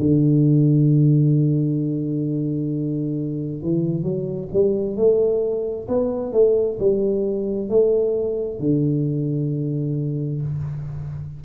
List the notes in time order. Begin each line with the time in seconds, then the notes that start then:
0.00 D3
3.62 E3
4.03 F#3
4.53 G3
4.97 A3
5.88 B3
6.33 A3
6.79 G3
7.69 A3
8.60 D3